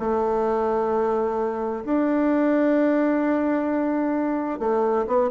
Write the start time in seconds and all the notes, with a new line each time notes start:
0.00 A3
1.85 D4
4.59 A3
5.07 B3